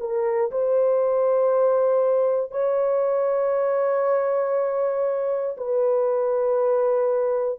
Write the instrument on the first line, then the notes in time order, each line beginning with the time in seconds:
horn
0.00 A#4
0.52 C5
2.51 C#5
5.57 B4